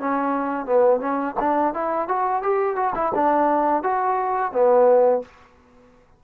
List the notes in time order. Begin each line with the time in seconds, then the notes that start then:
0.00 C#4
0.66 B3
1.00 C#4
1.40 D4
1.74 E4
2.09 F#4
2.43 G4
2.76 F#4
2.95 E4
3.15 D4
3.83 F#4
4.53 B3